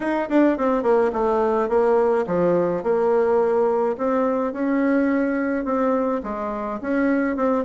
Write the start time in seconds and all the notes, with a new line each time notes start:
0.00 D#4
0.29 D4
0.57 C4
0.82 A#3
1.12 A3
1.68 A#3
2.26 F3
2.83 A#3
3.97 C4
4.52 C#4
5.64 C4
6.23 G#3
6.81 C#4
7.36 C4